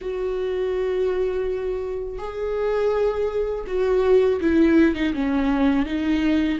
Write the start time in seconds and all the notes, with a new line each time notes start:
0.01 F#4
2.18 G#4
3.66 F#4
4.40 E4
4.95 D#4
5.13 C#4
5.85 D#4